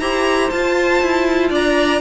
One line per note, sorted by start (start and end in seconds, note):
0.00 0.51 E4
0.00 0.52 G4
0.00 1.50 C5
0.00 0.50 A#5
0.50 1.01 F4
0.50 2.01 F4
0.50 1.51 A5
1.02 1.51 E4
1.50 2.01 D4
1.50 2.01 D5
1.50 2.01 A#5